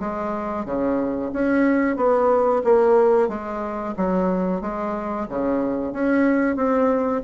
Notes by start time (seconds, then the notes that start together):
0.00 G#3
0.66 C#3
1.33 C#4
1.97 B3
2.65 A#3
3.29 G#3
3.97 F#3
4.62 G#3
5.29 C#3
5.93 C#4
6.56 C4